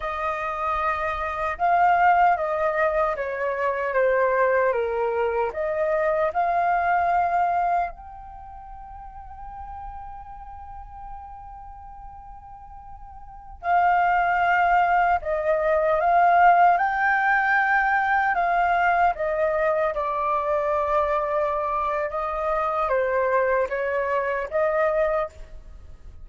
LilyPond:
\new Staff \with { instrumentName = "flute" } { \time 4/4 \tempo 4 = 76 dis''2 f''4 dis''4 | cis''4 c''4 ais'4 dis''4 | f''2 g''2~ | g''1~ |
g''4~ g''16 f''2 dis''8.~ | dis''16 f''4 g''2 f''8.~ | f''16 dis''4 d''2~ d''8. | dis''4 c''4 cis''4 dis''4 | }